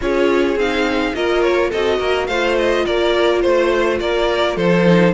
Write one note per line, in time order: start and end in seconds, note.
0.01 0.55 C#4
0.01 0.58 F4
0.01 1.15 G#4
0.01 0.58 C#5
0.55 1.12 C4
0.55 1.14 D#4
0.55 1.14 F5
1.14 1.71 A#3
1.14 1.71 F4
1.14 1.70 A#4
1.14 1.42 D#5
1.42 1.70 C#5
1.70 1.99 C4
1.70 2.31 F#4
1.70 1.98 A4
1.70 2.27 D#5
1.99 2.27 A#3
1.99 2.27 A#4
2.27 2.84 A3
2.27 4.85 F4
2.27 2.85 C5
2.27 2.55 F5
2.58 2.85 D#5
2.85 3.44 A#3
2.85 3.42 A#4
2.85 3.41 D5
3.41 4.00 A3
3.41 3.98 C5
3.41 3.99 C5
4.00 4.56 A#3
4.00 4.56 A#4
4.00 4.56 D5
4.56 5.13 F3
4.56 5.13 A4
4.56 5.13 C5
4.85 5.14 D#4